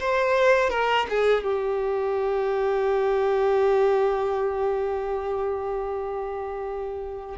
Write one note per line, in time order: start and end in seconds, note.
0.00 0.69 C5
0.69 1.06 A#4
1.09 1.44 G#4
1.44 7.36 G4